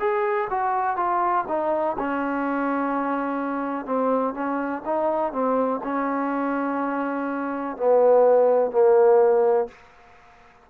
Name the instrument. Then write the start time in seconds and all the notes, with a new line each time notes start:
trombone
0.00 G#4
0.50 F#4
0.97 F4
1.48 D#4
1.99 C#4
3.86 C4
4.35 C#4
4.86 D#4
5.33 C4
5.84 C#4
7.77 B3
8.71 A#3